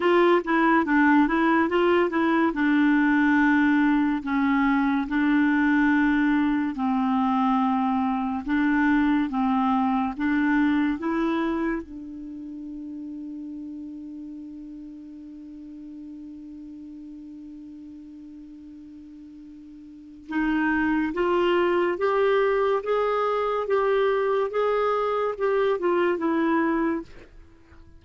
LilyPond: \new Staff \with { instrumentName = "clarinet" } { \time 4/4 \tempo 4 = 71 f'8 e'8 d'8 e'8 f'8 e'8 d'4~ | d'4 cis'4 d'2 | c'2 d'4 c'4 | d'4 e'4 d'2~ |
d'1~ | d'1 | dis'4 f'4 g'4 gis'4 | g'4 gis'4 g'8 f'8 e'4 | }